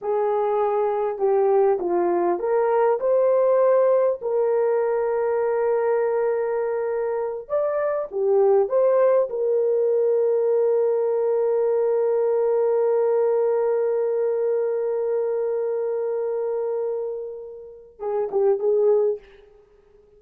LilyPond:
\new Staff \with { instrumentName = "horn" } { \time 4/4 \tempo 4 = 100 gis'2 g'4 f'4 | ais'4 c''2 ais'4~ | ais'1~ | ais'8 d''4 g'4 c''4 ais'8~ |
ais'1~ | ais'1~ | ais'1~ | ais'2 gis'8 g'8 gis'4 | }